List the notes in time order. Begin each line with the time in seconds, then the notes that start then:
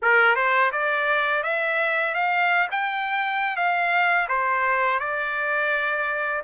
0.02 A#4
0.35 C5
0.72 D5
1.43 E5
2.14 F5
2.71 G5
3.56 F5
4.28 C5
4.99 D5